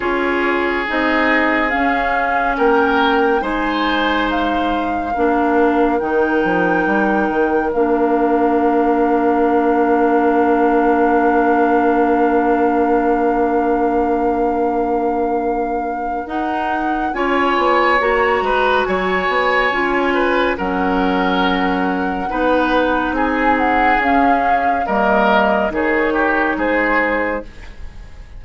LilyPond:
<<
  \new Staff \with { instrumentName = "flute" } { \time 4/4 \tempo 4 = 70 cis''4 dis''4 f''4 g''4 | gis''4 f''2 g''4~ | g''4 f''2.~ | f''1~ |
f''2. fis''4 | gis''4 ais''4 gis''2 | fis''2. gis''8 fis''8 | f''4 dis''4 cis''4 c''4 | }
  \new Staff \with { instrumentName = "oboe" } { \time 4/4 gis'2. ais'4 | c''2 ais'2~ | ais'1~ | ais'1~ |
ais'1 | cis''4. b'8 cis''4. b'8 | ais'2 b'4 gis'4~ | gis'4 ais'4 gis'8 g'8 gis'4 | }
  \new Staff \with { instrumentName = "clarinet" } { \time 4/4 f'4 dis'4 cis'2 | dis'2 d'4 dis'4~ | dis'4 d'2.~ | d'1~ |
d'2. dis'4 | f'4 fis'2 f'4 | cis'2 dis'2 | cis'4 ais4 dis'2 | }
  \new Staff \with { instrumentName = "bassoon" } { \time 4/4 cis'4 c'4 cis'4 ais4 | gis2 ais4 dis8 f8 | g8 dis8 ais2.~ | ais1~ |
ais2. dis'4 | cis'8 b8 ais8 gis8 fis8 b8 cis'4 | fis2 b4 c'4 | cis'4 g4 dis4 gis4 | }
>>